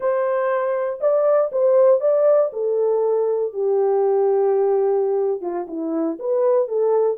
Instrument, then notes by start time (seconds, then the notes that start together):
horn
0.00 C5
1.00 D5
1.51 C5
2.00 D5
2.53 A4
3.53 G4
5.41 F4
5.67 E4
6.19 B4
6.68 A4